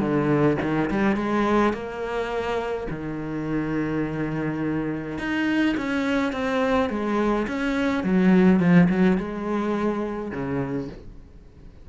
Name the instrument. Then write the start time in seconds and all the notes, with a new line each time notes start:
cello
0.00 D3
0.62 D#3
0.90 G3
1.16 G#3
1.73 A#3
2.90 D#3
5.18 D#4
5.77 C#4
6.32 C4
6.89 G#3
7.48 C#4
8.03 F#3
8.59 F3
8.89 F#3
9.17 G#3
10.31 C#3